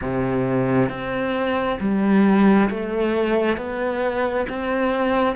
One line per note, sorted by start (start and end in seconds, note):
0.01 0.89 C3
0.89 1.78 C4
1.80 2.69 G3
2.69 3.57 A3
3.57 4.46 B3
4.49 5.35 C4